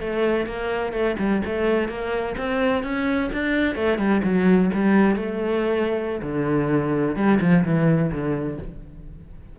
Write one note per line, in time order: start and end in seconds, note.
0.00 0.46 A3
0.46 0.92 A#3
0.92 1.16 A3
1.19 1.42 G3
1.45 1.88 A3
1.88 2.35 A#3
2.37 2.83 C4
2.83 3.30 C#4
3.32 3.75 D4
3.75 3.98 A3
3.98 4.21 G3
4.24 4.70 F#3
4.73 5.16 G3
5.16 6.21 A3
6.22 7.15 D3
7.15 7.39 G3
7.40 7.64 F3
7.64 8.11 E3
8.12 8.58 D3